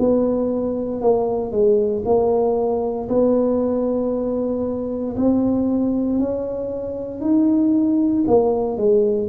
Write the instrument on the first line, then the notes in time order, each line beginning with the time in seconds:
tuba
0.00 B3
1.02 A#3
1.52 G#3
2.05 A#3
3.09 B3
5.17 C4
6.20 C#4
7.21 D#4
8.28 A#3
8.77 G#3